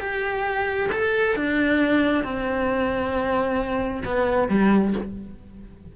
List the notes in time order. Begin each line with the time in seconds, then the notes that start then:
0.00 G4
0.92 A4
1.36 D4
2.24 C4
4.05 B3
4.49 G3